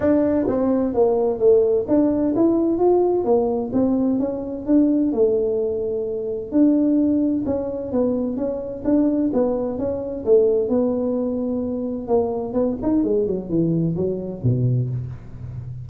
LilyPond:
\new Staff \with { instrumentName = "tuba" } { \time 4/4 \tempo 4 = 129 d'4 c'4 ais4 a4 | d'4 e'4 f'4 ais4 | c'4 cis'4 d'4 a4~ | a2 d'2 |
cis'4 b4 cis'4 d'4 | b4 cis'4 a4 b4~ | b2 ais4 b8 dis'8 | gis8 fis8 e4 fis4 b,4 | }